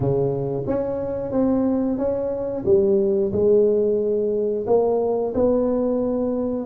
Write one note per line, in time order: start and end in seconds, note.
0.00 0.64 C#3
0.66 1.31 C#4
1.31 1.98 C4
1.98 2.64 C#4
2.65 3.32 G3
3.32 4.65 G#3
4.67 5.33 A#3
5.34 6.66 B3